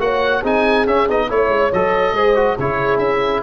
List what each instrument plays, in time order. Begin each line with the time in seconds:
0.00 tuba A#3, trombone F#4, horn C#5, oboe F#5
0.41 tuba C4, trombone D#4, horn G#4, oboe G#5
0.87 tuba C#4, trombone C#4, oboe E5
1.09 tuba B3, trombone D#4, oboe D#5
1.29 tuba A3, trombone E4, horn C#5, oboe C#5
1.48 tuba G#3
1.73 tuba F#3, trombone A4, oboe D#5
2.13 tuba G#3, trombone G#4, horn C5
2.36 trombone F#4
2.59 tuba C#3, trombone E4, horn G#4, oboe C#5
2.98 tuba C#4, oboe E5